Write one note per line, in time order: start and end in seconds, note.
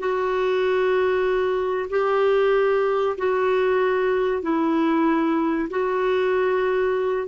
0.00 1.89 F#4
1.91 3.17 G4
3.18 4.43 F#4
4.43 5.69 E4
5.70 7.28 F#4